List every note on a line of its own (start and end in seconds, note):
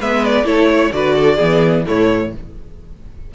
0.00 0.44 G#3
0.00 0.45 B3
0.00 0.46 B4
0.00 0.25 E5
0.25 0.46 D5
0.44 0.90 A3
0.44 0.91 E4
0.44 0.69 A4
0.44 0.93 C#5
0.71 0.94 C#5
0.93 1.39 D3
0.93 1.38 F#4
0.93 1.16 B4
0.93 1.86 D5
1.16 1.37 A4
1.37 1.87 E3
1.37 1.85 B3
1.37 1.83 G#4
1.86 2.35 A2
1.86 2.33 A3
1.86 2.33 E4
1.86 2.34 C#5